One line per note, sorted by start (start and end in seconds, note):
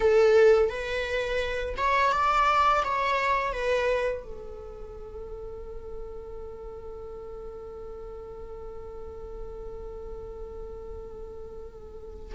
0.00 0.69 A4
0.69 1.75 B4
1.76 2.12 C#5
2.12 2.83 D5
2.84 3.52 C#5
3.52 4.23 B4
4.23 12.34 A4